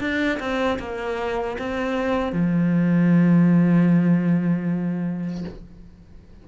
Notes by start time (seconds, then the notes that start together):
0.00 D4
0.39 C4
0.79 A#3
1.58 C4
2.32 F3